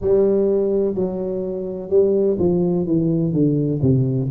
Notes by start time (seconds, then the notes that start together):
0.01 G3
0.94 F#3
1.89 G3
2.38 F3
2.86 E3
3.32 D3
3.82 C3